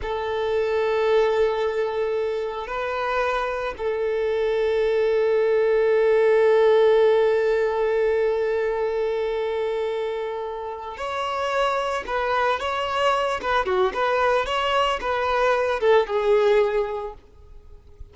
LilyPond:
\new Staff \with { instrumentName = "violin" } { \time 4/4 \tempo 4 = 112 a'1~ | a'4 b'2 a'4~ | a'1~ | a'1~ |
a'1~ | a'8 cis''2 b'4 cis''8~ | cis''4 b'8 fis'8 b'4 cis''4 | b'4. a'8 gis'2 | }